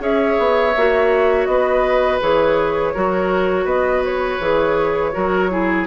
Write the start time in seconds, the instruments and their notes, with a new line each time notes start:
0.00 bassoon C#4, clarinet G#4, oboe C#5, flute E5
0.39 bassoon B3
0.77 bassoon A#3, clarinet F#4
1.46 bassoon B3, oboe B4, flute D#5
2.21 bassoon E3, clarinet G#4, flute C#5
2.94 bassoon F#3, clarinet F#4, oboe A#4
3.65 bassoon B3, oboe B4, flute D#5
4.05 flute C#5
4.40 bassoon E3, clarinet G#4
5.13 bassoon F#3, clarinet F#4, oboe A#4
5.50 clarinet E4, oboe G#4